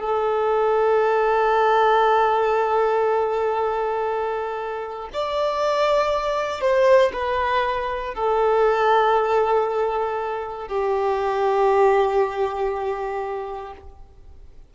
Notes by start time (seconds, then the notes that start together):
0.00 A4
5.13 D5
6.61 C5
7.13 B4
8.14 A4
10.68 G4